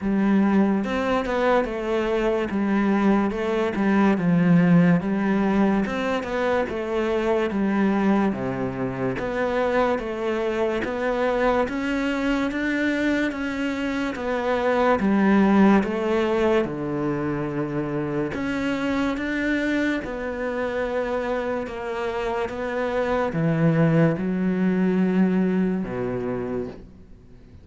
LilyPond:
\new Staff \with { instrumentName = "cello" } { \time 4/4 \tempo 4 = 72 g4 c'8 b8 a4 g4 | a8 g8 f4 g4 c'8 b8 | a4 g4 c4 b4 | a4 b4 cis'4 d'4 |
cis'4 b4 g4 a4 | d2 cis'4 d'4 | b2 ais4 b4 | e4 fis2 b,4 | }